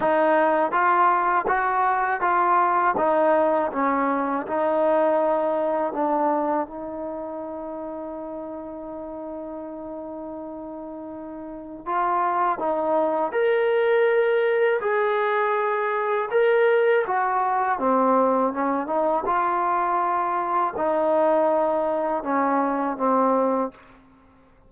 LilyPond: \new Staff \with { instrumentName = "trombone" } { \time 4/4 \tempo 4 = 81 dis'4 f'4 fis'4 f'4 | dis'4 cis'4 dis'2 | d'4 dis'2.~ | dis'1 |
f'4 dis'4 ais'2 | gis'2 ais'4 fis'4 | c'4 cis'8 dis'8 f'2 | dis'2 cis'4 c'4 | }